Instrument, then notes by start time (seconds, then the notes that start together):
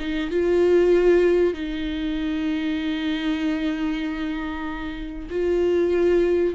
viola
0.00 D#4
0.31 F4
1.54 D#4
5.30 F4